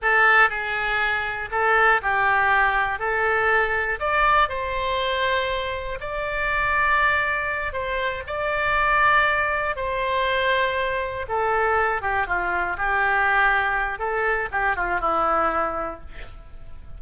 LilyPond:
\new Staff \with { instrumentName = "oboe" } { \time 4/4 \tempo 4 = 120 a'4 gis'2 a'4 | g'2 a'2 | d''4 c''2. | d''2.~ d''8 c''8~ |
c''8 d''2. c''8~ | c''2~ c''8 a'4. | g'8 f'4 g'2~ g'8 | a'4 g'8 f'8 e'2 | }